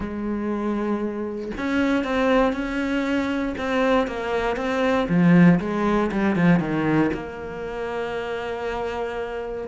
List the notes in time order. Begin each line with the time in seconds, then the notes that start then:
0.00 G#3
1.57 C#4
2.04 C4
2.53 C#4
3.57 C4
4.07 A#3
4.56 C4
5.08 F3
5.59 G#3
6.11 G3
6.35 F3
6.59 D#3
7.13 A#3